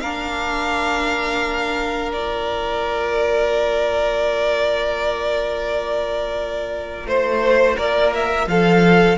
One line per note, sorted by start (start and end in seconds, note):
0.00 7.06 A#3
0.00 2.15 D4
0.00 7.08 A#4
0.00 2.12 F5
2.12 9.17 F4
2.12 7.06 D5
7.06 7.77 A3
7.06 7.78 C5
7.06 7.76 C5
7.76 8.47 A#3
7.76 8.46 A#4
7.76 8.13 D5
8.14 8.48 E5
8.47 9.17 F3
8.47 9.17 A4
8.47 9.17 F5